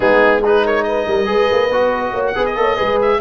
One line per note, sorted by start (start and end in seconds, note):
0.00 1.06 G#3
0.00 0.43 B3
0.00 0.40 D#4
0.00 0.41 G#4
0.40 1.25 D#4
0.40 0.62 G#4
0.40 0.66 B4
0.64 0.85 A#4
0.64 0.83 C#5
0.83 1.07 B4
0.83 2.22 D#5
1.07 1.27 G3
1.07 1.28 A#4
1.25 1.49 G#3
1.25 1.68 G#4
1.25 2.12 B4
1.51 1.69 A#3
1.69 2.12 B3
1.69 2.35 F#4
2.12 2.34 A#3
2.12 2.34 C#5
2.27 2.45 F#5
2.35 2.55 B3
2.35 2.56 G#4
2.35 2.56 B4
2.45 2.99 D#5
2.55 2.77 A#3
2.55 2.76 A4
2.55 2.76 C#5
2.76 3.20 G#3
2.76 3.19 G#4
2.76 3.19 B4
3.01 3.20 E5